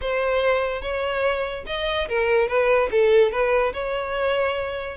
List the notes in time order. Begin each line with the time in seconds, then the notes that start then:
0.01 C5
0.81 C#5
1.66 D#5
2.08 A#4
2.47 B4
2.91 A4
3.31 B4
3.73 C#5